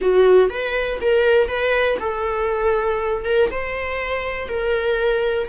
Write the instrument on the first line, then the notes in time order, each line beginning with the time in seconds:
viola
0.01 F#4
0.49 B4
1.01 A#4
1.47 B4
2.00 A4
3.25 A#4
3.50 C5
4.48 A#4